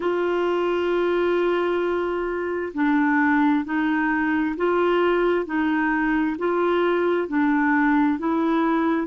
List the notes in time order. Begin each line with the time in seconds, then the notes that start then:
0.00 F4
2.74 D4
3.64 D#4
4.57 F4
5.45 D#4
6.38 F4
7.28 D4
8.18 E4